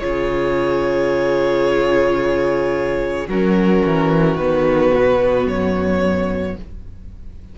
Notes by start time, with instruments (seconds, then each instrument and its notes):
0.00 cello C#3, viola F4, violin G#4 C#5
3.28 cello F#3, viola C#4, violin F#4 A#4
3.86 cello E3
4.37 cello D#3, viola B3, violin B4
4.95 cello B2
5.47 cello F#2, violin C#5